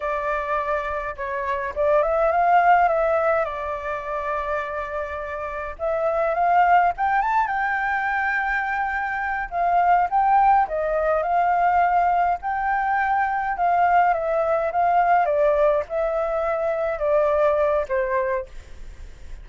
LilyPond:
\new Staff \with { instrumentName = "flute" } { \time 4/4 \tempo 4 = 104 d''2 cis''4 d''8 e''8 | f''4 e''4 d''2~ | d''2 e''4 f''4 | g''8 a''8 g''2.~ |
g''8 f''4 g''4 dis''4 f''8~ | f''4. g''2 f''8~ | f''8 e''4 f''4 d''4 e''8~ | e''4. d''4. c''4 | }